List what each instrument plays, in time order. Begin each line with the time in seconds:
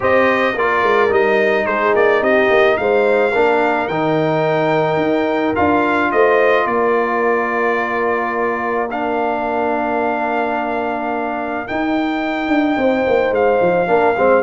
0.00 tuba C4, trombone G4, horn C5, trumpet D#5
0.55 tuba A#3, trombone F4, horn A#4, trumpet D5
0.82 tuba G#3
1.09 tuba G3, trombone D#4, trumpet D#5
1.66 tuba G#3, horn G#4, trumpet C5
1.95 tuba A#3, trumpet D5
2.21 tuba C4, horn G4, trumpet D#5
2.50 tuba A#3
2.77 tuba G#3, horn C5, trumpet F5
3.32 tuba A#3, trombone D4, horn A#4
3.87 tuba D#3, trombone D#4, trumpet G5
4.97 tuba D#4
5.55 tuba D4, trombone F4, trumpet F5
6.11 tuba A3, horn C5, trumpet D#5
6.65 tuba A#3, horn A#4, trumpet D5
8.90 trombone D4, trumpet F5
11.66 trombone D#4, tuba D#4, trumpet G5
12.48 tuba D4
12.76 tuba C4, horn C5
13.07 tuba A#3
13.30 tuba G#3, trumpet F5
13.61 tuba F3
13.86 tuba A#3, trombone D4, horn A#4
14.17 tuba G#3, trombone C4, horn C5